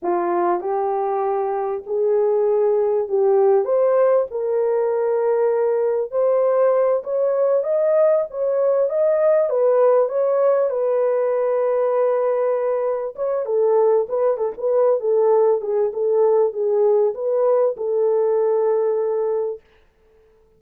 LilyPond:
\new Staff \with { instrumentName = "horn" } { \time 4/4 \tempo 4 = 98 f'4 g'2 gis'4~ | gis'4 g'4 c''4 ais'4~ | ais'2 c''4. cis''8~ | cis''8 dis''4 cis''4 dis''4 b'8~ |
b'8 cis''4 b'2~ b'8~ | b'4. cis''8 a'4 b'8 a'16 b'16~ | b'8 a'4 gis'8 a'4 gis'4 | b'4 a'2. | }